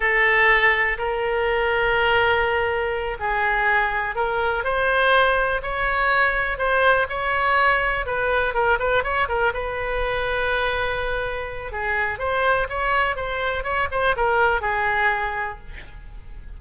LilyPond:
\new Staff \with { instrumentName = "oboe" } { \time 4/4 \tempo 4 = 123 a'2 ais'2~ | ais'2~ ais'8 gis'4.~ | gis'8 ais'4 c''2 cis''8~ | cis''4. c''4 cis''4.~ |
cis''8 b'4 ais'8 b'8 cis''8 ais'8 b'8~ | b'1 | gis'4 c''4 cis''4 c''4 | cis''8 c''8 ais'4 gis'2 | }